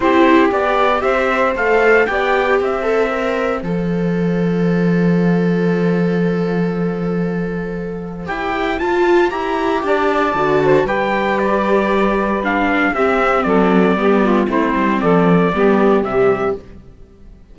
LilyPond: <<
  \new Staff \with { instrumentName = "trumpet" } { \time 4/4 \tempo 4 = 116 c''4 d''4 e''4 f''4 | g''4 e''2 f''4~ | f''1~ | f''1 |
g''4 a''4 ais''4 a''4~ | a''4 g''4 d''2 | f''4 e''4 d''2 | c''4 d''2 e''4 | }
  \new Staff \with { instrumentName = "saxophone" } { \time 4/4 g'2 c''2 | d''4 c''2.~ | c''1~ | c''1~ |
c''2. d''4~ | d''8 c''8 b'2.~ | b'4 g'4 a'4 g'8 f'8 | e'4 a'4 g'2 | }
  \new Staff \with { instrumentName = "viola" } { \time 4/4 e'4 g'2 a'4 | g'4. a'8 ais'4 a'4~ | a'1~ | a'1 |
g'4 f'4 g'2 | fis'4 g'2. | d'4 c'2 b4 | c'2 b4 g4 | }
  \new Staff \with { instrumentName = "cello" } { \time 4/4 c'4 b4 c'4 a4 | b4 c'2 f4~ | f1~ | f1 |
e'4 f'4 e'4 d'4 | d4 g2.~ | g4 c'4 fis4 g4 | a8 g8 f4 g4 c4 | }
>>